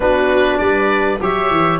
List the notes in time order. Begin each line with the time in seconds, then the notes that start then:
0.00 B3 D4 F#4 B4
0.58 G3 B4 D5
1.20 F#3 G4 C#5 E5
1.50 E3